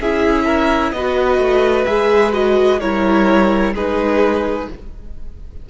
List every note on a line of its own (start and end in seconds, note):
0.00 0.92 C#4
0.00 0.96 E4
0.00 0.45 G#4
0.00 0.92 E5
0.45 0.91 A#4
0.92 1.38 B3
0.92 1.86 F#4
0.92 2.80 B4
0.92 1.85 D#5
1.38 1.85 A3
1.85 2.81 G#3
1.85 2.32 G#4
1.85 2.31 E5
2.32 2.79 F#4
2.32 2.80 D#5
2.80 3.74 G3
2.80 3.75 E4
2.80 3.74 A#4
2.80 3.73 C#5
3.74 4.68 G#3
3.74 4.70 D#4
3.74 4.68 G#4
3.74 4.70 B4